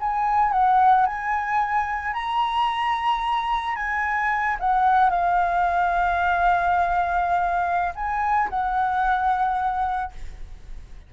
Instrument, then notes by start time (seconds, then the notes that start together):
flute
0.00 G#5
0.52 F#5
1.06 G#5
2.14 A#5
3.76 G#5
4.60 F#5
5.10 F5
7.95 G#5
8.50 F#5